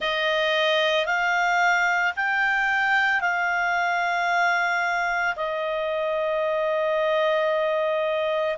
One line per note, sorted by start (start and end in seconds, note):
0.00 1.06 D#5
1.06 2.13 F5
2.16 3.20 G5
3.20 5.35 F5
5.36 8.57 D#5